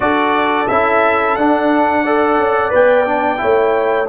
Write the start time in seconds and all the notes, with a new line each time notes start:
0.00 D4 F#4 A4 D5
0.67 C#4 E4 E5
1.36 D4 F#5
2.02 A4 D5
2.37 C#4
2.70 B3 B4 G5
3.05 D4
3.37 A3 E4 C#5